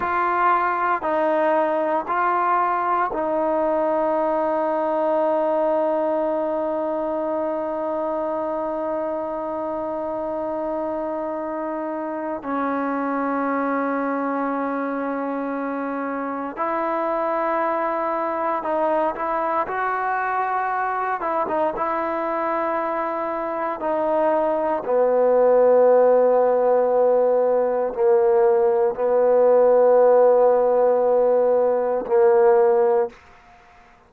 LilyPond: \new Staff \with { instrumentName = "trombone" } { \time 4/4 \tempo 4 = 58 f'4 dis'4 f'4 dis'4~ | dis'1~ | dis'1 | cis'1 |
e'2 dis'8 e'8 fis'4~ | fis'8 e'16 dis'16 e'2 dis'4 | b2. ais4 | b2. ais4 | }